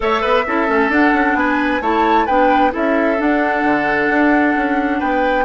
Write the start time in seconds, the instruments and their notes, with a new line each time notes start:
0.00 bassoon A3, clarinet A4, oboe C#5, flute E5
0.21 bassoon B3, oboe B4
0.47 bassoon C#4, clarinet E4, oboe A4
0.67 bassoon A3, clarinet C#4
0.89 bassoon D4, clarinet D4, flute F#5
1.13 bassoon C#4
1.34 bassoon B3, oboe B4, flute G#5
1.81 bassoon A3, clarinet E4, oboe C#5, flute A5
2.26 bassoon B3, clarinet D4, oboe B4, flute G5
2.71 bassoon C#4, clarinet E4, oboe A4, flute E5
3.17 clarinet D4, bassoon D4, flute F#5
3.63 bassoon D3
4.09 bassoon D4
4.55 bassoon C#4
4.99 bassoon B3, oboe B4, flute G5